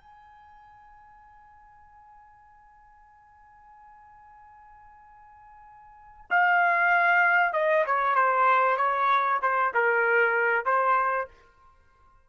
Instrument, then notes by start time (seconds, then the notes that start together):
trumpet
0.00 G#5
6.30 F5
7.53 D#5
7.86 C#5
8.15 C5
8.77 C#5
9.41 C5
9.74 A#4
10.65 C5